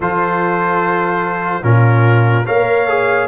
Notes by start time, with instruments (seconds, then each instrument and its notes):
0.00 tuba F3, trombone F4, horn A4, trumpet C5
1.62 tuba A#2, trombone C#4, horn F4, trumpet A#4
2.45 tuba A#3, trombone A#4, horn C#5, trumpet F5
2.88 trombone G#4